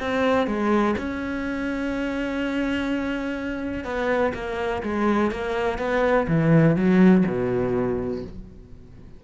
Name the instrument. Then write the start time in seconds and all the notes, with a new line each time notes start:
cello
0.00 C4
0.47 G#3
0.98 C#4
3.84 B3
4.34 A#3
4.83 G#3
5.31 A#3
5.78 B3
6.27 E3
6.76 F#3
7.26 B2